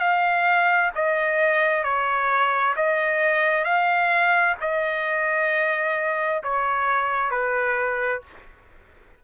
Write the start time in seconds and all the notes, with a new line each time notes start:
0.00 F5
0.95 D#5
1.83 C#5
2.76 D#5
3.64 F5
4.61 D#5
6.43 C#5
7.31 B4